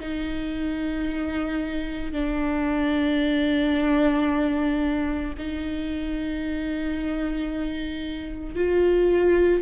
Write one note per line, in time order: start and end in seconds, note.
0.00 2.12 D#4
2.12 5.34 D4
5.38 8.56 D#4
8.56 9.62 F4